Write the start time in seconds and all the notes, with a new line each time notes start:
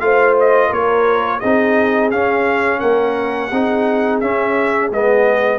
0.00 A3 F4 C5 F5
0.40 D#5
0.69 A#3 A#4 C#5
1.40 C4 D#4 G#4 D#5
2.11 C#4 F5
2.80 A#3 A#4 F#5
3.50 C4 D#4 G#4
4.21 C#4 E5
4.91 G#3 B3 D#5